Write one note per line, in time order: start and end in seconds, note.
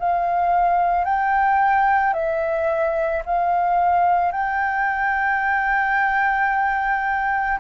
0.00 1.05 F5
1.05 2.14 G5
2.14 3.23 E5
3.26 4.32 F5
4.32 7.60 G5